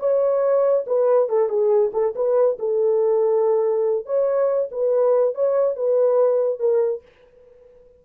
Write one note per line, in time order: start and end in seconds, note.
0.00 0.85 C#5
0.87 1.30 B4
1.30 1.49 A4
1.49 1.92 G#4
1.93 2.15 A4
2.16 2.58 B4
2.60 4.06 A4
4.06 4.70 C#5
4.72 5.35 B4
5.35 5.77 C#5
5.77 6.60 B4
6.60 7.02 A#4